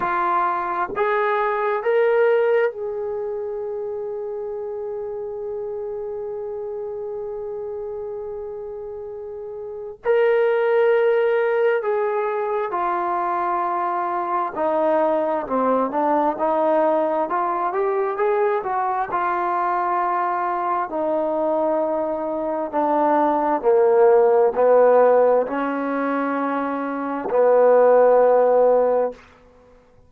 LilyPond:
\new Staff \with { instrumentName = "trombone" } { \time 4/4 \tempo 4 = 66 f'4 gis'4 ais'4 gis'4~ | gis'1~ | gis'2. ais'4~ | ais'4 gis'4 f'2 |
dis'4 c'8 d'8 dis'4 f'8 g'8 | gis'8 fis'8 f'2 dis'4~ | dis'4 d'4 ais4 b4 | cis'2 b2 | }